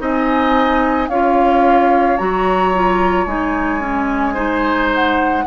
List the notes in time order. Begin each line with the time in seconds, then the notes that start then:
0.00 C4 D#4 D#5 G#5
1.08 C#4 F4 C#5 F5
2.17 F#3 F#4 A#5
2.75 F4
3.25 G#3 D#4 G#5
3.80 C#4
4.34 D#4 C5
4.94 F#5